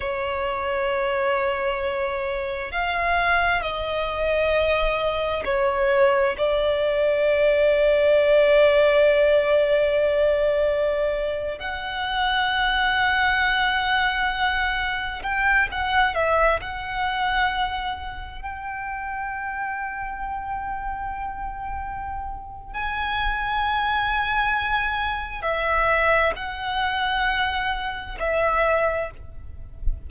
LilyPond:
\new Staff \with { instrumentName = "violin" } { \time 4/4 \tempo 4 = 66 cis''2. f''4 | dis''2 cis''4 d''4~ | d''1~ | d''8. fis''2.~ fis''16~ |
fis''8. g''8 fis''8 e''8 fis''4.~ fis''16~ | fis''16 g''2.~ g''8.~ | g''4 gis''2. | e''4 fis''2 e''4 | }